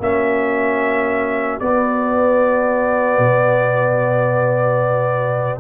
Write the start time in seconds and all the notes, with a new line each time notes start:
0.00 A#3 C#4 F#4 E5
1.60 B3 D5
3.19 B2